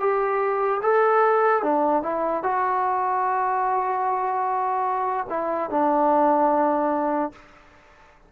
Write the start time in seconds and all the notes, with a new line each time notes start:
0.00 G4
0.83 A4
1.63 D4
2.03 E4
2.43 F#4
5.30 E4
5.70 D4